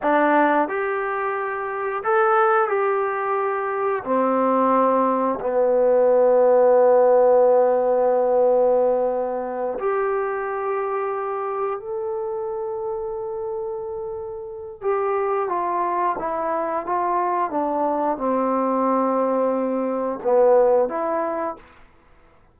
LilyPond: \new Staff \with { instrumentName = "trombone" } { \time 4/4 \tempo 4 = 89 d'4 g'2 a'4 | g'2 c'2 | b1~ | b2~ b8 g'4.~ |
g'4. a'2~ a'8~ | a'2 g'4 f'4 | e'4 f'4 d'4 c'4~ | c'2 b4 e'4 | }